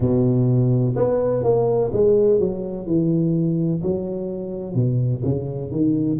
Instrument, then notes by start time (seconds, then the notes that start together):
tuba
0.00 B2
0.95 B3
1.43 A#3
1.92 G#3
2.39 F#3
2.86 E3
3.83 F#3
4.74 B2
5.24 C#3
5.71 D#3